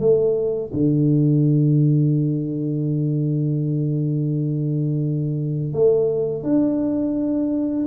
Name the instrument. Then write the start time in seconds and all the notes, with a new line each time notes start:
tuba
0.00 A3
0.74 D3
5.73 A3
6.44 D4